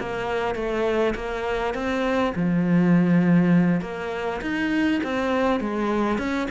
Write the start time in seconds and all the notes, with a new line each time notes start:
0.00 A#3
0.55 A3
1.15 A#3
1.74 C4
2.36 F3
3.81 A#3
4.41 D#4
5.03 C4
5.60 G#3
6.18 C#4